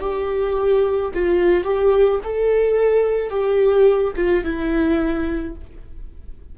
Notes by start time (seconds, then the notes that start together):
0.00 G4
1.14 F4
1.64 G4
2.24 A4
3.30 G4
4.16 F4
4.44 E4